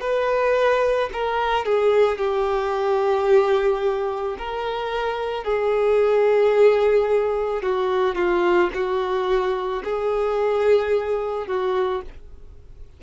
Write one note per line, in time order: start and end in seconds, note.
0.00 1.09 B4
1.13 1.65 A#4
1.65 2.18 G#4
2.18 4.36 G4
4.38 5.43 A#4
5.43 7.62 G#4
7.62 8.15 F#4
8.15 8.70 F4
8.74 9.83 F#4
9.83 11.47 G#4
11.47 12.01 F#4